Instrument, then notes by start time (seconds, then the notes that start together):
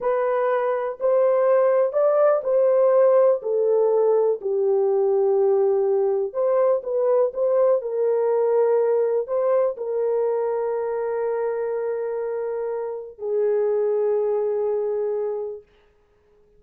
horn
0.00 B4
1.00 C5
1.92 D5
2.43 C5
3.42 A4
4.41 G4
6.33 C5
6.83 B4
7.33 C5
7.81 A#4
9.27 C5
9.77 A#4
13.18 G#4